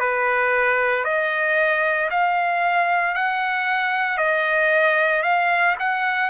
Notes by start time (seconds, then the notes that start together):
0.00 B4
1.05 D#5
2.11 F5
3.15 F#5
4.18 D#5
5.23 F5
5.79 F#5